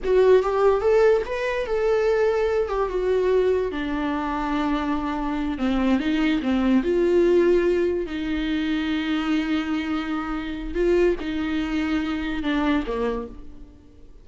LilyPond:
\new Staff \with { instrumentName = "viola" } { \time 4/4 \tempo 4 = 145 fis'4 g'4 a'4 b'4 | a'2~ a'8 g'8 fis'4~ | fis'4 d'2.~ | d'4. c'4 dis'4 c'8~ |
c'8 f'2. dis'8~ | dis'1~ | dis'2 f'4 dis'4~ | dis'2 d'4 ais4 | }